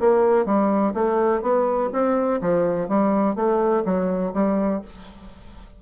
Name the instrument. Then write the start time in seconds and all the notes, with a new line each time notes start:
bassoon
0.00 A#3
0.46 G3
0.94 A3
1.42 B3
1.93 C4
2.41 F3
2.88 G3
3.36 A3
3.85 F#3
4.34 G3